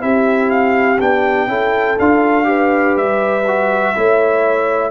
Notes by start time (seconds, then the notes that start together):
0.00 C4 E4 G4 E5
0.50 F5
1.01 B3 D4 G5
1.48 C#4 E4 A4
1.99 D4 F4 F5
2.44 G4 B4
2.97 G3 E5
3.47 F#4
3.95 A3 E4 C#5